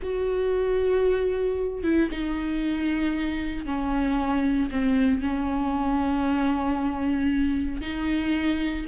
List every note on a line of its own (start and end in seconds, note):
0.02 1.83 F#4
1.83 2.09 E4
2.11 3.65 D#4
3.65 4.70 C#4
4.71 5.21 C4
5.21 7.81 C#4
7.81 8.85 D#4